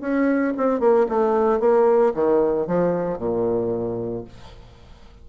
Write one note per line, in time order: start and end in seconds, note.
0.00 0.53 C#4
0.57 0.80 C4
0.80 1.06 A#3
1.08 1.60 A3
1.60 2.13 A#3
2.14 2.67 D#3
2.67 3.18 F3
3.18 4.24 A#2